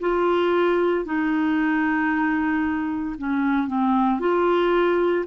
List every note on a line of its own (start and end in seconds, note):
0.00 1.05 F4
1.05 3.16 D#4
3.18 3.67 C#4
3.67 4.20 C4
4.20 5.25 F4